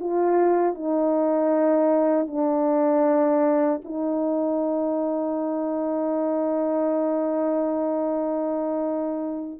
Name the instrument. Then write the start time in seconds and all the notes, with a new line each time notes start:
horn
0.00 F4
0.74 D#4
2.27 D4
3.85 D#4